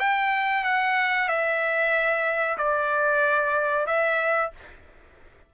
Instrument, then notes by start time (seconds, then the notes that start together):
trumpet
0.00 G5
0.65 F#5
1.29 E5
2.58 D5
3.87 E5